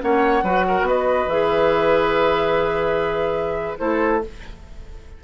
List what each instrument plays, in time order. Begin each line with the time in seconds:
0.00 bassoon A#3, clarinet C#4, oboe C#5, flute F#5
0.43 bassoon F#3, clarinet F#4, oboe B4
0.68 oboe A#4
0.82 bassoon B3, oboe B4
0.88 flute D#5
1.28 bassoon E3, clarinet G#4, flute E5
3.78 bassoon A3, clarinet E4, oboe A4, flute C5